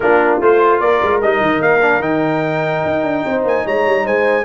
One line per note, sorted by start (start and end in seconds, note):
0.00 0.39 A#3
0.00 0.41 D4
0.00 0.81 F4
0.00 0.38 A#4
0.40 0.80 A3
0.40 1.22 F4
0.40 0.80 C5
0.80 1.00 A#3
0.80 3.24 A#4
0.80 1.20 D5
1.02 1.22 G#3
1.21 1.40 G3
1.21 1.81 D#4
1.21 1.62 D#5
1.40 1.60 D#3
1.60 2.00 A#3
1.60 2.01 F5
1.81 2.01 D4
2.00 2.81 D#3
2.00 4.44 D#4
2.00 3.43 G5
2.85 3.03 D#4
3.03 3.23 D4
3.25 3.44 C4
3.25 3.65 C5
3.44 3.64 A#3
3.44 3.67 G#5
3.65 3.86 G#3
3.65 4.05 C#5
3.65 4.06 A#5
3.86 4.06 G3
4.05 4.45 G#3
4.05 4.45 C5
4.05 4.45 G#5